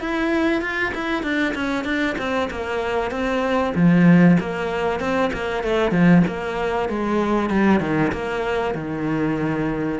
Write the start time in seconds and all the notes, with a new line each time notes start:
0.00 E4
0.61 F4
0.94 E4
1.23 D4
1.55 C#4
1.84 D4
2.18 C4
2.51 A#3
3.11 C4
3.75 F3
4.40 A#3
5.00 C4
5.33 A#3
5.63 A3
5.91 F3
6.27 A#3
6.89 G#3
7.49 G3
7.80 D#3
8.12 A#3
8.75 D#3